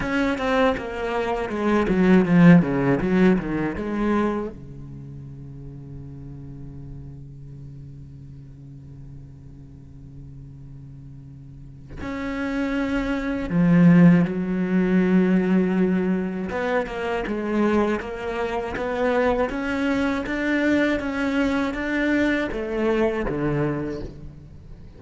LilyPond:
\new Staff \with { instrumentName = "cello" } { \time 4/4 \tempo 4 = 80 cis'8 c'8 ais4 gis8 fis8 f8 cis8 | fis8 dis8 gis4 cis2~ | cis1~ | cis1 |
cis'2 f4 fis4~ | fis2 b8 ais8 gis4 | ais4 b4 cis'4 d'4 | cis'4 d'4 a4 d4 | }